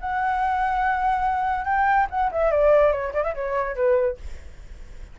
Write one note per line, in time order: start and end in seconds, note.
0.00 1.65 F#5
1.65 2.07 G5
2.10 2.31 F#5
2.32 2.51 E5
2.51 2.92 D5
2.92 3.13 C#5
3.14 3.24 D5
3.24 3.34 E5
3.34 3.76 C#5
3.76 4.17 B4